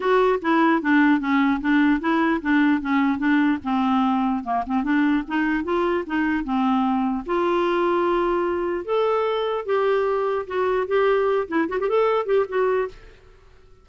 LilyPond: \new Staff \with { instrumentName = "clarinet" } { \time 4/4 \tempo 4 = 149 fis'4 e'4 d'4 cis'4 | d'4 e'4 d'4 cis'4 | d'4 c'2 ais8 c'8 | d'4 dis'4 f'4 dis'4 |
c'2 f'2~ | f'2 a'2 | g'2 fis'4 g'4~ | g'8 e'8 fis'16 g'16 a'4 g'8 fis'4 | }